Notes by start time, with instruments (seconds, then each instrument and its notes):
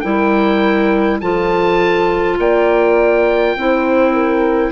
0.00 bassoon G3, clarinet E4, horn A#4, oboe G5
1.20 bassoon F3, clarinet F4, horn A4, oboe A5
2.38 bassoon A#3, horn D5, oboe G5
3.56 bassoon C4, clarinet E4, horn C5
4.13 horn A#4